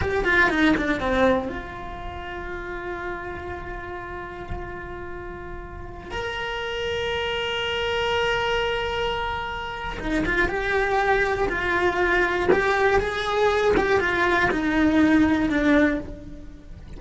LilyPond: \new Staff \with { instrumentName = "cello" } { \time 4/4 \tempo 4 = 120 g'8 f'8 dis'8 d'8 c'4 f'4~ | f'1~ | f'1~ | f'16 ais'2.~ ais'8.~ |
ais'1 | dis'8 f'8 g'2 f'4~ | f'4 g'4 gis'4. g'8 | f'4 dis'2 d'4 | }